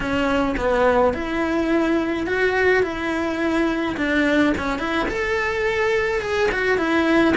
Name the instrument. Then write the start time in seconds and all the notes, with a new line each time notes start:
cello
0.00 C#4
0.57 B3
1.13 E4
2.26 F#4
2.82 E4
3.96 D4
4.57 C#4
4.78 E4
5.08 A4
6.21 G#4
6.51 F#4
6.77 E4